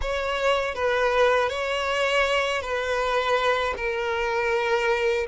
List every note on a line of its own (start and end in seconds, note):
0.01 0.74 C#5
0.74 1.49 B4
1.49 2.61 C#5
2.61 3.74 B4
3.76 5.26 A#4